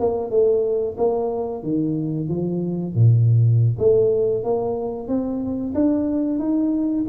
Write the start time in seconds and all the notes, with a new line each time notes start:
0.00 A#3
0.31 A3
0.98 A#3
1.63 D#3
2.29 F3
2.95 A#2
3.79 A3
4.44 A#3
5.08 C4
5.75 D4
6.39 D#4